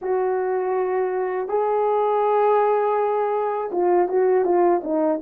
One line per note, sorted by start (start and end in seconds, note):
0.01 1.48 F#4
1.48 3.70 G#4
3.71 4.08 F4
4.08 4.44 F#4
4.44 4.81 F4
4.83 5.20 D#4